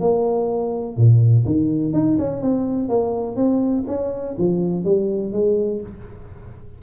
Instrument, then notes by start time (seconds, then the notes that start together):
tuba
0.00 A#3
0.97 A#2
1.46 D#3
1.93 D#4
2.18 C#4
2.42 C4
2.89 A#3
3.36 C4
3.87 C#4
4.38 F3
4.84 G3
5.32 G#3